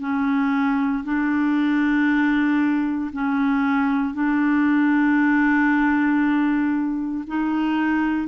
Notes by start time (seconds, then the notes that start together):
0.00 C#4
1.04 D4
3.13 C#4
4.14 D4
7.27 D#4